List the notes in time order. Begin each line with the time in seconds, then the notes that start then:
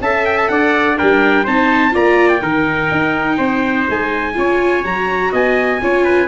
0.00 C#4 A4 E5 A5
0.25 G5
0.37 A5
0.48 D4 D5 F#5
0.96 G3 D4 A#4 G5
1.43 C4 D#4 C5 A5
1.91 A#3 F4 D5 A#5
2.28 G5
2.41 D#3 D#4 A#4
2.90 D#4
3.37 C4 C5
3.89 G#3 G#5
4.34 C#4 F4 C#5
4.82 F#3 F#4 A#5
5.31 B3 D#5 G#5
5.82 C#4 F4 C#5
6.04 B4